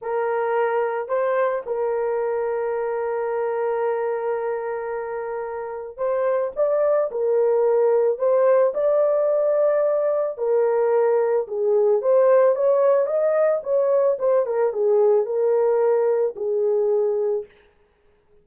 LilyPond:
\new Staff \with { instrumentName = "horn" } { \time 4/4 \tempo 4 = 110 ais'2 c''4 ais'4~ | ais'1~ | ais'2. c''4 | d''4 ais'2 c''4 |
d''2. ais'4~ | ais'4 gis'4 c''4 cis''4 | dis''4 cis''4 c''8 ais'8 gis'4 | ais'2 gis'2 | }